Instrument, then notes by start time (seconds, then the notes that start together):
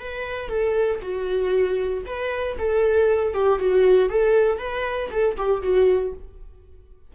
viola
0.00 B4
0.49 A4
1.02 F#4
2.06 B4
2.59 A4
3.34 G4
3.60 F#4
4.10 A4
4.59 B4
5.11 A4
5.38 G4
5.62 F#4